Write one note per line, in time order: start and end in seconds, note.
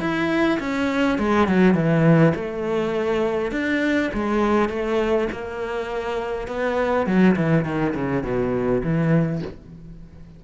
0.00 0.59 E4
0.60 1.18 C#4
1.18 1.47 G#3
1.47 1.74 F#3
1.74 2.33 E3
2.35 3.52 A3
3.52 4.10 D4
4.14 4.69 G#3
4.69 5.28 A3
5.32 6.47 A#3
6.47 7.06 B3
7.06 7.36 F#3
7.36 7.64 E3
7.64 7.94 D#3
7.95 8.23 C#3
8.23 8.82 B2
8.83 9.42 E3